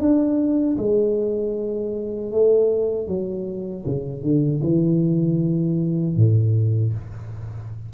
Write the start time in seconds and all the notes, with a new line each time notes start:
0.00 D4
0.78 G#3
2.32 A3
3.08 F#3
3.86 C#3
4.23 D3
4.63 E3
6.17 A2